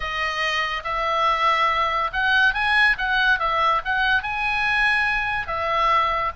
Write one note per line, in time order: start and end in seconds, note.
0.00 0.83 D#5
0.84 2.10 E5
2.12 2.54 F#5
2.54 2.96 G#5
2.98 3.39 F#5
3.39 3.81 E5
3.84 4.22 F#5
4.22 5.47 G#5
5.47 6.31 E5